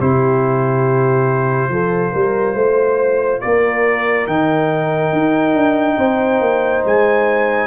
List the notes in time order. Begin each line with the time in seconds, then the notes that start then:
0.00 C3 E4 G4 C5
1.69 F3 F4 A4
2.12 G3 A#4
2.54 A3 C5
3.41 A#3 A#4 D5
4.27 D#3 D#4 G5
5.13 D#4
5.54 D4
5.97 C4 C5
6.41 A#3
6.85 G#3 G#5